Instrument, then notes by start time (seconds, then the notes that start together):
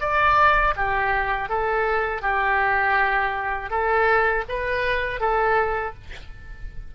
oboe
0.00 D5
0.76 G4
1.49 A4
2.22 G4
3.70 A4
4.48 B4
5.20 A4